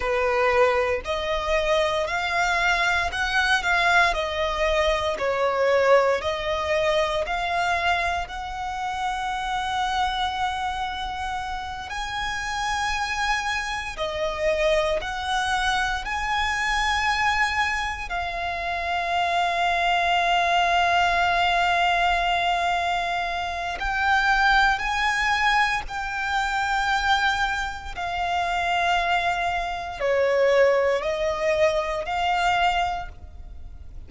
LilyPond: \new Staff \with { instrumentName = "violin" } { \time 4/4 \tempo 4 = 58 b'4 dis''4 f''4 fis''8 f''8 | dis''4 cis''4 dis''4 f''4 | fis''2.~ fis''8 gis''8~ | gis''4. dis''4 fis''4 gis''8~ |
gis''4. f''2~ f''8~ | f''2. g''4 | gis''4 g''2 f''4~ | f''4 cis''4 dis''4 f''4 | }